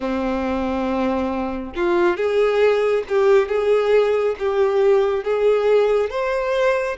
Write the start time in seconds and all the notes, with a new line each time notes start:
0.00 C4
1.75 F4
2.16 G#4
3.08 G4
3.48 G#4
4.38 G4
5.24 G#4
6.09 C5